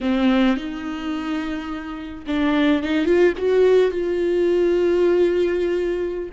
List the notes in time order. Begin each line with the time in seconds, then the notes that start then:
0.00 C4
0.57 D#4
2.26 D4
2.83 D#4
3.05 F4
3.37 F#4
3.91 F4